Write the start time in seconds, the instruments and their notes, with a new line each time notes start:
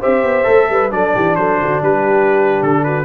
0.00 tuba C4, trombone G4, horn C5, trumpet E5
0.24 tuba B3
0.44 tuba A3, trombone A4
0.70 tuba G3, horn B4
0.91 tuba F#3, trombone D4, horn A4, trumpet D5
1.15 tuba E3, horn G4
1.36 tuba F#3, horn A4, trumpet C5
1.61 tuba D3, horn F#4
1.82 tuba G3, horn G4, trumpet B4
2.63 tuba D3, trumpet A4
2.84 horn F#4, trumpet B4